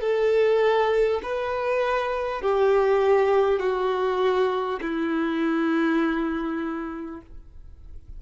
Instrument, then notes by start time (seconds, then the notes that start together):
violin
0.00 A4
1.22 B4
2.41 G4
3.59 F#4
4.81 E4